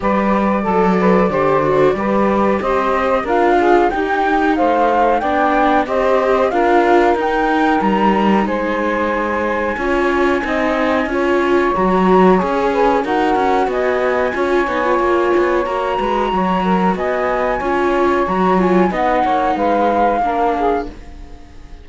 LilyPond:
<<
  \new Staff \with { instrumentName = "flute" } { \time 4/4 \tempo 4 = 92 d''1 | dis''4 f''4 g''4 f''4 | g''4 dis''4 f''4 g''4 | ais''4 gis''2.~ |
gis''2 ais''4 gis''4 | fis''4 gis''2. | ais''2 gis''2 | ais''8 gis''8 fis''4 f''2 | }
  \new Staff \with { instrumentName = "saxophone" } { \time 4/4 b'4 a'8 b'8 c''4 b'4 | c''4 ais'8 gis'8 g'4 c''4 | d''4 c''4 ais'2~ | ais'4 c''2 cis''4 |
dis''4 cis''2~ cis''8 b'8 | ais'4 dis''4 cis''2~ | cis''8 b'8 cis''8 ais'8 dis''4 cis''4~ | cis''4 dis''8 cis''8 b'4 ais'8 gis'8 | }
  \new Staff \with { instrumentName = "viola" } { \time 4/4 g'4 a'4 g'8 fis'8 g'4~ | g'4 f'4 dis'2 | d'4 g'4 f'4 dis'4~ | dis'2. f'4 |
dis'4 f'4 fis'4 gis'4 | fis'2 f'8 dis'16 f'4~ f'16 | fis'2. f'4 | fis'8 f'8 dis'2 d'4 | }
  \new Staff \with { instrumentName = "cello" } { \time 4/4 g4 fis4 d4 g4 | c'4 d'4 dis'4 a4 | b4 c'4 d'4 dis'4 | g4 gis2 cis'4 |
c'4 cis'4 fis4 cis'4 | dis'8 cis'8 b4 cis'8 b8 ais8 b8 | ais8 gis8 fis4 b4 cis'4 | fis4 b8 ais8 gis4 ais4 | }
>>